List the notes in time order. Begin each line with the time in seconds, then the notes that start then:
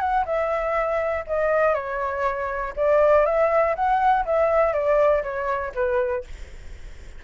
0.00 F#5
0.26 E5
1.27 D#5
1.74 C#5
2.76 D5
3.26 E5
3.76 F#5
4.26 E5
4.73 D5
5.23 C#5
5.75 B4